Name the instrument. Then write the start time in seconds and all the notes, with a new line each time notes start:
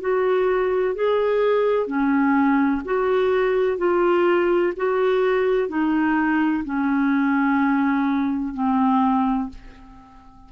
clarinet
0.00 F#4
0.95 G#4
1.87 C#4
2.84 F#4
3.77 F4
4.76 F#4
5.68 D#4
6.64 C#4
8.54 C4